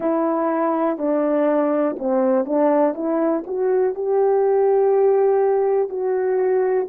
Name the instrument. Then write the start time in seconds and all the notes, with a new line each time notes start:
horn
0.00 E4
0.97 D4
1.99 C4
2.45 D4
2.94 E4
3.46 F#4
3.94 G4
5.89 F#4